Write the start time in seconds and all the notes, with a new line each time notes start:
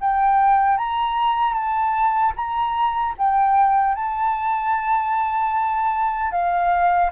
0.00 G5
0.77 A#5
1.53 A5
2.35 A#5
3.18 G5
3.95 A5
6.31 F5